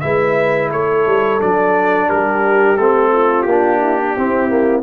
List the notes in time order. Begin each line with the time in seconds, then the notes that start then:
0.00 G#3 E4 B4 E5
0.70 A3 A4 C#5
1.06 G3
1.39 F#3 D4 D5
2.07 G3 G4 A#4
2.77 A3 C4 A4
3.12 F4
3.42 A#3 G4
3.50 D4
3.79 E4
3.96 D4
4.15 C4 E4
4.48 A#3